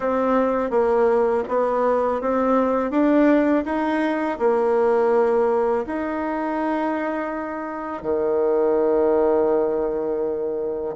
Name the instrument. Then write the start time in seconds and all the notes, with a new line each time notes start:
bassoon
0.00 C4
0.70 A#3
1.48 B3
2.21 C4
2.91 D4
3.65 D#4
4.39 A#3
5.86 D#4
8.02 D#3